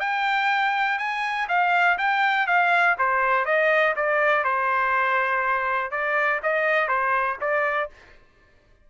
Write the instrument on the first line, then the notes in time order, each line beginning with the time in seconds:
trumpet
0.00 G5
0.98 G#5
1.48 F5
1.98 G5
2.47 F5
2.99 C5
3.45 D#5
3.96 D5
4.44 C5
5.91 D5
6.43 D#5
6.88 C5
7.41 D5